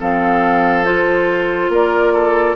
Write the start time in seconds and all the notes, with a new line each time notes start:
0.00 F3 C4 A4 F5
0.85 F4 C5
1.69 A#3 A#4 D5
2.13 A4